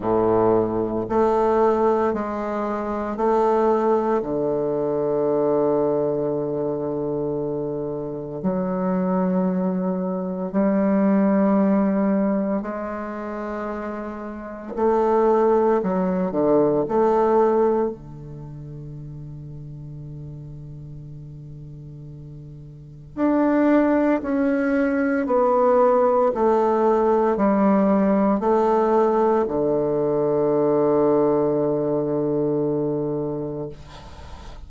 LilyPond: \new Staff \with { instrumentName = "bassoon" } { \time 4/4 \tempo 4 = 57 a,4 a4 gis4 a4 | d1 | fis2 g2 | gis2 a4 fis8 d8 |
a4 d2.~ | d2 d'4 cis'4 | b4 a4 g4 a4 | d1 | }